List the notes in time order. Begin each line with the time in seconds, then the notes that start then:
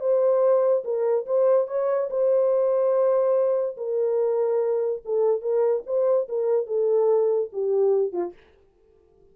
0.00 C5
0.84 A#4
1.26 C5
1.67 C#5
2.10 C5
3.77 A#4
5.05 A4
5.41 A#4
5.86 C5
6.28 A#4
6.67 A4
7.52 G4
8.13 F4